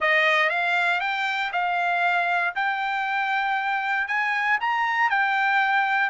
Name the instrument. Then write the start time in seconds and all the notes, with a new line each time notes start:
trumpet
0.00 D#5
0.49 F5
1.00 G5
1.52 F5
2.55 G5
4.07 G#5
4.60 A#5
5.10 G5